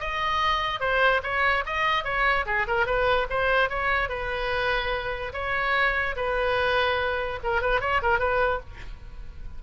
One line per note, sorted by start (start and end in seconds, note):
0.00 0.81 D#5
0.81 1.22 C5
1.23 1.65 C#5
1.66 2.05 D#5
2.05 2.46 C#5
2.46 2.67 G#4
2.68 2.87 A#4
2.87 3.28 B4
3.30 3.70 C5
3.70 4.09 C#5
4.09 5.33 B4
5.33 6.16 C#5
6.16 7.40 B4
7.44 7.62 A#4
7.62 7.81 B4
7.81 8.02 C#5
8.02 8.19 A#4
8.19 8.60 B4